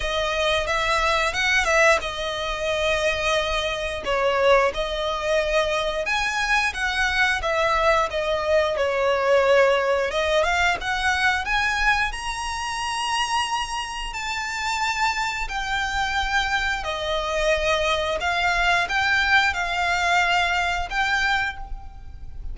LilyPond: \new Staff \with { instrumentName = "violin" } { \time 4/4 \tempo 4 = 89 dis''4 e''4 fis''8 e''8 dis''4~ | dis''2 cis''4 dis''4~ | dis''4 gis''4 fis''4 e''4 | dis''4 cis''2 dis''8 f''8 |
fis''4 gis''4 ais''2~ | ais''4 a''2 g''4~ | g''4 dis''2 f''4 | g''4 f''2 g''4 | }